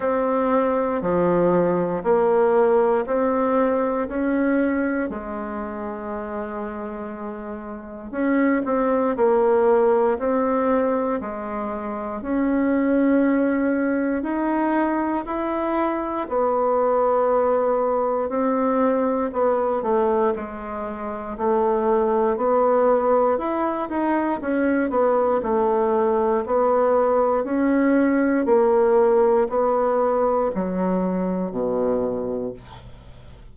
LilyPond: \new Staff \with { instrumentName = "bassoon" } { \time 4/4 \tempo 4 = 59 c'4 f4 ais4 c'4 | cis'4 gis2. | cis'8 c'8 ais4 c'4 gis4 | cis'2 dis'4 e'4 |
b2 c'4 b8 a8 | gis4 a4 b4 e'8 dis'8 | cis'8 b8 a4 b4 cis'4 | ais4 b4 fis4 b,4 | }